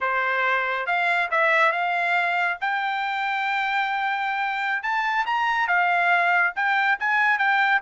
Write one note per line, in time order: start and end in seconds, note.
0.00 0.86 C5
0.86 1.29 F5
1.30 1.72 E5
1.72 2.58 F5
2.60 4.83 G5
4.83 5.25 A5
5.26 5.67 A#5
5.67 6.53 F5
6.55 6.98 G5
6.99 7.38 G#5
7.38 7.81 G5